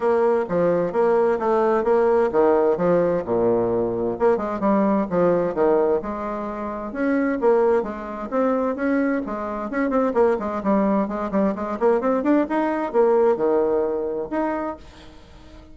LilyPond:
\new Staff \with { instrumentName = "bassoon" } { \time 4/4 \tempo 4 = 130 ais4 f4 ais4 a4 | ais4 dis4 f4 ais,4~ | ais,4 ais8 gis8 g4 f4 | dis4 gis2 cis'4 |
ais4 gis4 c'4 cis'4 | gis4 cis'8 c'8 ais8 gis8 g4 | gis8 g8 gis8 ais8 c'8 d'8 dis'4 | ais4 dis2 dis'4 | }